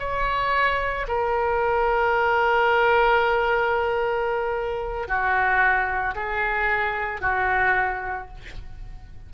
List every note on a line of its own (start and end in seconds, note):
0.00 1.07 C#5
1.08 5.08 A#4
5.08 6.15 F#4
6.16 7.21 G#4
7.21 8.28 F#4